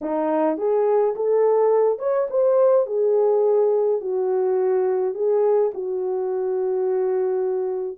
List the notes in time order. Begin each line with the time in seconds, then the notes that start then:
0.01 D#4
0.57 G#4
1.15 A4
1.98 C#5
2.30 C5
2.86 G#4
4.00 F#4
5.14 G#4
5.74 F#4